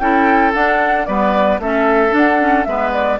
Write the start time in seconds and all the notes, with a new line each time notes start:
0.00 C#4 E4 A4 G5
0.55 D4 F#5
1.06 G3 B3 B4 D5
1.59 A3 C#4 A4 E5
2.10 D4
2.17 F#5
2.40 C#4
2.65 G#3 B3 B4 E5
2.93 D5